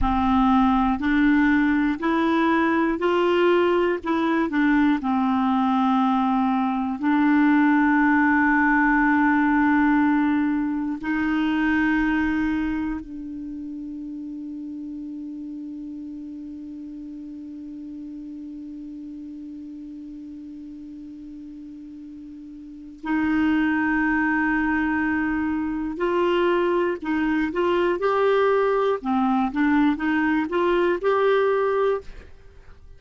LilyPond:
\new Staff \with { instrumentName = "clarinet" } { \time 4/4 \tempo 4 = 60 c'4 d'4 e'4 f'4 | e'8 d'8 c'2 d'4~ | d'2. dis'4~ | dis'4 d'2.~ |
d'1~ | d'2. dis'4~ | dis'2 f'4 dis'8 f'8 | g'4 c'8 d'8 dis'8 f'8 g'4 | }